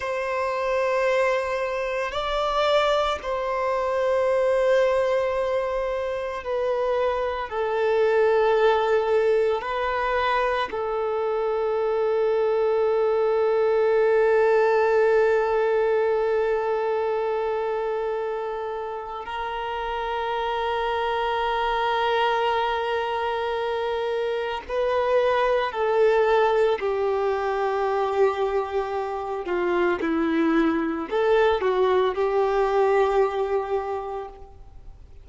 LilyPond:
\new Staff \with { instrumentName = "violin" } { \time 4/4 \tempo 4 = 56 c''2 d''4 c''4~ | c''2 b'4 a'4~ | a'4 b'4 a'2~ | a'1~ |
a'2 ais'2~ | ais'2. b'4 | a'4 g'2~ g'8 f'8 | e'4 a'8 fis'8 g'2 | }